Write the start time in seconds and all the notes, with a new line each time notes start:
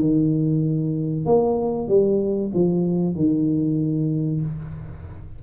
0.00 D#3
1.25 A#3
1.88 G3
2.53 F3
3.15 D#3